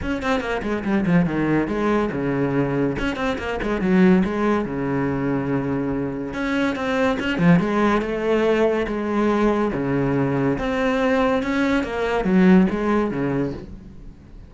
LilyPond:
\new Staff \with { instrumentName = "cello" } { \time 4/4 \tempo 4 = 142 cis'8 c'8 ais8 gis8 g8 f8 dis4 | gis4 cis2 cis'8 c'8 | ais8 gis8 fis4 gis4 cis4~ | cis2. cis'4 |
c'4 cis'8 f8 gis4 a4~ | a4 gis2 cis4~ | cis4 c'2 cis'4 | ais4 fis4 gis4 cis4 | }